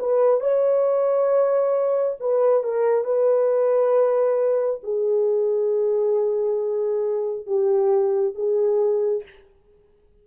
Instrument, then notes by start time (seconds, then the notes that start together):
horn
0.00 B4
0.41 C#5
2.20 B4
2.64 A#4
3.04 B4
4.83 G#4
7.47 G4
8.35 G#4